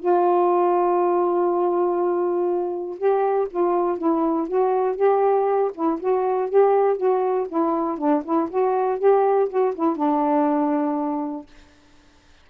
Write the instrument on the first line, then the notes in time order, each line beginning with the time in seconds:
saxophone
0.00 F4
2.98 G4
3.51 F4
3.98 E4
4.48 F#4
4.97 G4
5.75 E4
6.00 F#4
6.50 G4
6.97 F#4
7.49 E4
7.98 D4
8.25 E4
8.50 F#4
8.99 G4
9.50 F#4
9.75 E4
9.97 D4